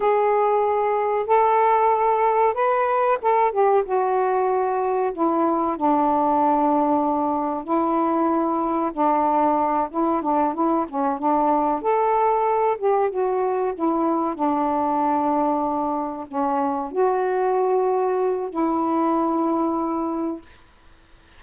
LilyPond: \new Staff \with { instrumentName = "saxophone" } { \time 4/4 \tempo 4 = 94 gis'2 a'2 | b'4 a'8 g'8 fis'2 | e'4 d'2. | e'2 d'4. e'8 |
d'8 e'8 cis'8 d'4 a'4. | g'8 fis'4 e'4 d'4.~ | d'4. cis'4 fis'4.~ | fis'4 e'2. | }